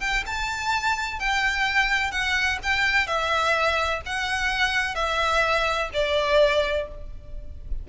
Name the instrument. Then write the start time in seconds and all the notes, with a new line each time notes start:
violin
0.00 G5
0.26 A5
1.19 G5
2.11 F#5
2.63 G5
3.07 E5
4.05 F#5
4.95 E5
5.93 D5